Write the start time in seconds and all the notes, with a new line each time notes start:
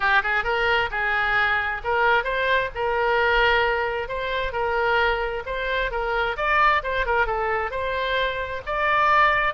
0.00 G4
0.23 G#4
0.44 A#4
0.90 G#4
1.84 A#4
2.24 C5
2.75 A#4
4.08 C5
4.52 A#4
5.46 C5
5.91 A#4
6.37 D5
6.83 C5
7.06 A#4
7.26 A4
7.70 C5
8.66 D5